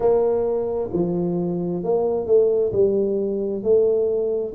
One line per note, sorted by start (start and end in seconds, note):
0.00 0.90 A#3
0.93 1.83 F3
1.83 2.26 A#3
2.26 2.71 A3
2.72 3.63 G3
3.63 4.54 A3